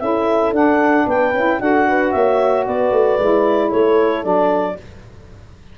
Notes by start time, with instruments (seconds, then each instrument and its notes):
0.00 tuba C#4, saxophone E4, horn A4, clarinet E5
0.52 tuba D4, saxophone D4, clarinet F#5
1.06 tuba B3, horn B4, clarinet G5
1.33 tuba C#4, saxophone E4
1.60 tuba D4, saxophone F#4, horn A4, clarinet F#5
1.88 horn B4
2.11 tuba A#3, horn C#5, clarinet E5
2.66 tuba B3, horn B4, clarinet D5
2.91 tuba A3
3.19 tuba G#3, saxophone E4
3.68 tuba A3, horn A4, clarinet C#5
4.23 tuba F#3, saxophone D4, clarinet D5